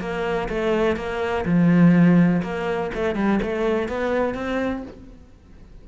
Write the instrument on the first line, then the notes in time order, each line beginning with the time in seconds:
cello
0.00 A#3
0.49 A3
0.97 A#3
1.45 F3
2.43 A#3
2.95 A3
3.16 G3
3.42 A3
3.89 B3
4.34 C4